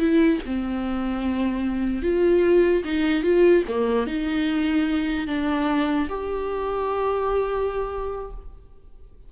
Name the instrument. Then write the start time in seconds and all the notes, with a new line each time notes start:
viola
0.00 E4
0.46 C4
2.03 F4
2.85 D#4
3.24 F4
3.69 A#3
4.07 D#4
5.28 D4
6.10 G4